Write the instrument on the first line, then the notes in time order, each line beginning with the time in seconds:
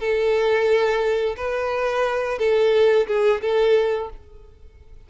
violin
0.00 A4
1.37 B4
2.39 A4
3.07 G#4
3.42 A4